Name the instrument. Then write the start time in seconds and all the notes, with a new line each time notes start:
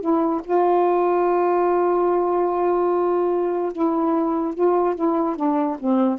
saxophone
0.00 E4
0.44 F4
3.72 E4
4.54 F4
4.95 E4
5.36 D4
5.79 C4